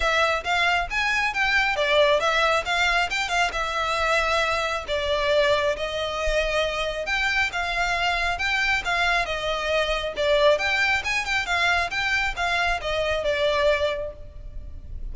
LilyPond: \new Staff \with { instrumentName = "violin" } { \time 4/4 \tempo 4 = 136 e''4 f''4 gis''4 g''4 | d''4 e''4 f''4 g''8 f''8 | e''2. d''4~ | d''4 dis''2. |
g''4 f''2 g''4 | f''4 dis''2 d''4 | g''4 gis''8 g''8 f''4 g''4 | f''4 dis''4 d''2 | }